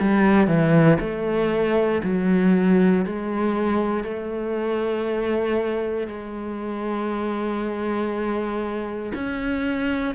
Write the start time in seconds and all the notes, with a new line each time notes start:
0.00 G3
0.48 E3
1.00 A3
2.04 F#3
3.06 G#3
4.04 A3
6.08 G#3
9.15 C#4